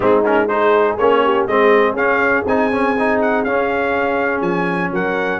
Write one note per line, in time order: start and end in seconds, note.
0.00 0.97 G#3
0.00 0.23 C4
0.00 0.49 D#4
0.00 0.24 G#4
0.25 0.48 C#4
0.25 0.48 A#4
0.48 0.97 D#4
0.48 1.24 G#4
0.48 0.97 C5
0.97 1.46 A#3
0.97 1.48 C#4
0.97 1.47 C#5
1.24 1.49 G4
1.46 1.93 G#3
1.46 1.97 C4
1.46 4.93 G#4
1.46 1.96 D#5
1.93 2.43 C#4
1.93 2.46 C#4
1.93 2.45 F5
2.45 3.44 C4
2.45 2.71 D#4
2.45 3.21 G#5
2.71 2.96 C#4
2.98 3.46 D#4
3.21 3.44 F#5
3.44 4.41 C#4
3.44 5.40 C#4
3.44 4.41 F5
4.41 4.90 F3
4.41 4.90 G#5
4.91 5.40 F#3
4.91 5.40 A#4
4.91 5.40 F#5